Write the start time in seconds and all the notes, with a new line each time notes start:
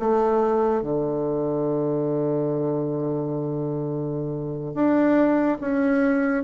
0.00 A3
0.82 D3
4.75 D4
5.61 C#4